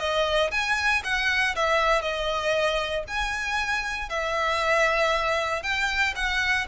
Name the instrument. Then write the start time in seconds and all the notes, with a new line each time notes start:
violin
0.00 D#5
0.52 G#5
1.04 F#5
1.56 E5
2.02 D#5
3.08 G#5
4.09 E5
5.63 G5
6.16 F#5